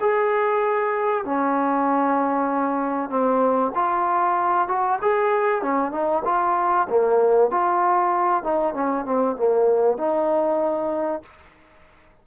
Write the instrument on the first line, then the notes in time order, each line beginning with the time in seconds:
trombone
0.00 G#4
1.25 C#4
3.09 C4
3.75 F4
4.68 F#4
5.01 G#4
5.62 C#4
5.91 D#4
6.25 F4
6.89 A#3
7.51 F4
8.43 D#4
8.74 C#4
9.05 C4
9.36 A#3
9.97 D#4